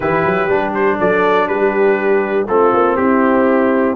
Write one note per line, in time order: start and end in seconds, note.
0.00 0.25 E3
0.00 0.49 E4
0.00 0.98 G4
0.00 0.73 B4
0.25 0.48 F#3
0.48 0.98 G3
0.48 2.47 D4
0.74 0.99 C5
0.98 1.48 F#3
0.98 1.48 A4
0.98 1.47 D5
1.47 2.47 G3
1.47 2.48 G4
1.47 2.47 B4
2.48 2.73 A3
2.48 3.95 C4
2.48 2.98 F4
2.48 2.96 A4
2.73 2.98 A#3
2.96 3.95 C4
2.96 3.95 E4
2.96 3.95 G4